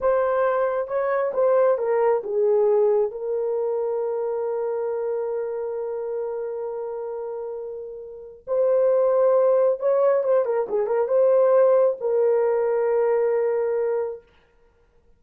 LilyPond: \new Staff \with { instrumentName = "horn" } { \time 4/4 \tempo 4 = 135 c''2 cis''4 c''4 | ais'4 gis'2 ais'4~ | ais'1~ | ais'1~ |
ais'2. c''4~ | c''2 cis''4 c''8 ais'8 | gis'8 ais'8 c''2 ais'4~ | ais'1 | }